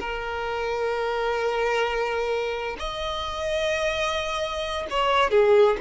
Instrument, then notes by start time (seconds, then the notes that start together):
violin
0.00 A#4
2.79 D#5
4.90 C#5
5.31 G#4